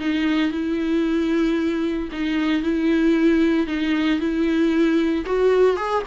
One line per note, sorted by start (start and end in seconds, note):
0.00 0.51 D#4
0.51 2.09 E4
2.12 2.63 D#4
2.63 3.67 E4
3.67 4.20 D#4
4.20 5.25 E4
5.26 5.77 F#4
5.77 6.03 G#4